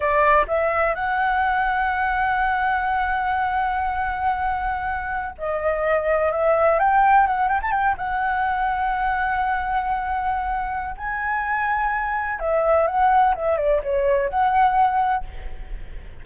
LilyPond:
\new Staff \with { instrumentName = "flute" } { \time 4/4 \tempo 4 = 126 d''4 e''4 fis''2~ | fis''1~ | fis''2.~ fis''16 dis''8.~ | dis''4~ dis''16 e''4 g''4 fis''8 g''16 |
a''16 g''8 fis''2.~ fis''16~ | fis''2. gis''4~ | gis''2 e''4 fis''4 | e''8 d''8 cis''4 fis''2 | }